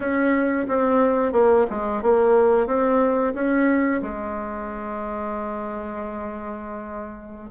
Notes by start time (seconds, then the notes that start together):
0.00 C#4
0.68 C4
1.32 A#3
1.70 G#3
2.02 A#3
2.66 C4
3.34 C#4
4.02 G#3